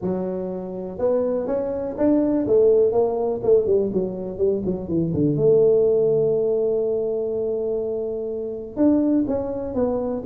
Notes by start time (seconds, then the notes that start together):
0.01 F#3
0.98 B3
1.47 C#4
1.97 D4
2.47 A3
2.92 A#3
3.43 A3
3.66 G3
3.92 F#3
4.37 G3
4.65 F#3
4.88 E3
5.13 D3
5.36 A3
8.76 D4
9.27 C#4
9.74 B3